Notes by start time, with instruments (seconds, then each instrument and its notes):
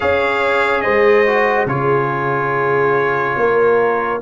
0.00 tuba C#4, trombone G#4, horn C#5, trumpet F5
0.81 tuba G#3, horn C5, trumpet D#5
1.26 trombone F#4
1.66 tuba C#3, trombone F4, horn G#4, trumpet C#5
3.36 tuba A#3, horn A#4